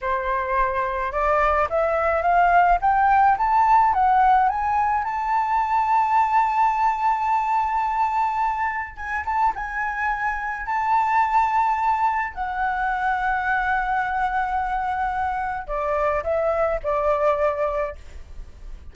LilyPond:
\new Staff \with { instrumentName = "flute" } { \time 4/4 \tempo 4 = 107 c''2 d''4 e''4 | f''4 g''4 a''4 fis''4 | gis''4 a''2.~ | a''1 |
gis''8 a''8 gis''2 a''4~ | a''2 fis''2~ | fis''1 | d''4 e''4 d''2 | }